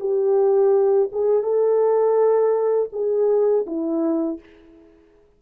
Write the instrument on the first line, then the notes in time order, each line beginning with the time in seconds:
horn
0.00 G4
1.12 G#4
1.43 A4
2.93 G#4
3.67 E4